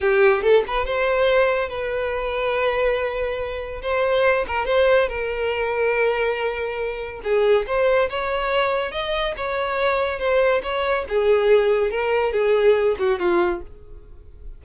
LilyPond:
\new Staff \with { instrumentName = "violin" } { \time 4/4 \tempo 4 = 141 g'4 a'8 b'8 c''2 | b'1~ | b'4 c''4. ais'8 c''4 | ais'1~ |
ais'4 gis'4 c''4 cis''4~ | cis''4 dis''4 cis''2 | c''4 cis''4 gis'2 | ais'4 gis'4. fis'8 f'4 | }